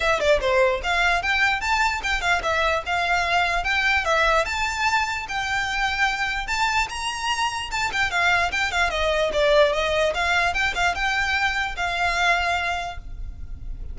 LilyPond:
\new Staff \with { instrumentName = "violin" } { \time 4/4 \tempo 4 = 148 e''8 d''8 c''4 f''4 g''4 | a''4 g''8 f''8 e''4 f''4~ | f''4 g''4 e''4 a''4~ | a''4 g''2. |
a''4 ais''2 a''8 g''8 | f''4 g''8 f''8 dis''4 d''4 | dis''4 f''4 g''8 f''8 g''4~ | g''4 f''2. | }